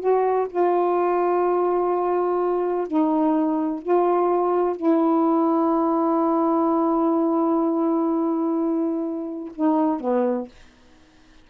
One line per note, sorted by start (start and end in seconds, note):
0.00 0.48 F#4
0.50 2.87 F4
2.87 3.82 D#4
3.82 4.77 F4
4.77 9.53 E4
9.55 10.00 D#4
10.00 10.48 B3